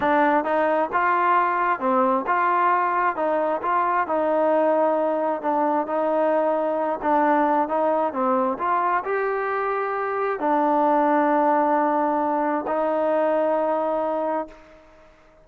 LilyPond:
\new Staff \with { instrumentName = "trombone" } { \time 4/4 \tempo 4 = 133 d'4 dis'4 f'2 | c'4 f'2 dis'4 | f'4 dis'2. | d'4 dis'2~ dis'8 d'8~ |
d'4 dis'4 c'4 f'4 | g'2. d'4~ | d'1 | dis'1 | }